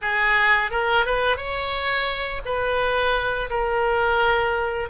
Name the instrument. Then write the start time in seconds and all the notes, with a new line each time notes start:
oboe
0.01 G#4
0.70 A#4
1.05 B4
1.36 C#5
2.45 B4
3.49 A#4